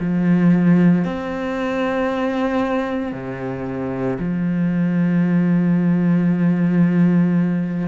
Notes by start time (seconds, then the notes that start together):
0.00 F3
1.05 C4
3.12 C3
4.20 F3